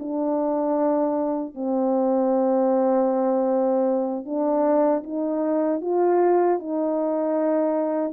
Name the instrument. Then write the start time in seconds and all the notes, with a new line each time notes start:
horn
0.00 D4
1.55 C4
4.26 D4
5.04 D#4
5.82 F4
6.60 D#4